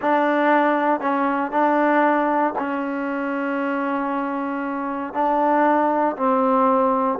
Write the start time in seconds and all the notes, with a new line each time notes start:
0.01 D4
1.00 C#4
1.51 D4
2.58 C#4
5.13 D4
6.16 C4